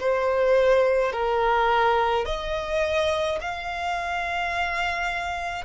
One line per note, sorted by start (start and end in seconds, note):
0.00 1.12 C5
1.12 2.25 A#4
2.26 3.39 D#5
3.41 5.65 F5